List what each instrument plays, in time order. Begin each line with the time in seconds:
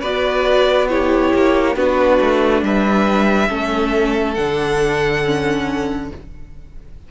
0.00 cello B3, viola F#4, violin B4 D5
0.89 viola E4, violin G4 C#5
1.33 cello A#3
1.76 cello B3, viola D4, violin F#4 B4
2.21 cello A3
2.62 cello G3, violin B4 E5
3.48 cello A3, viola C#4, violin A4
4.34 cello D3, viola D4, violin F#5
5.24 viola C#4